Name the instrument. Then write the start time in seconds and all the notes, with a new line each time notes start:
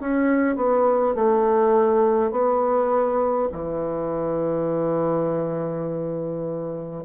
bassoon
0.00 C#4
0.56 B3
1.14 A3
2.31 B3
3.52 E3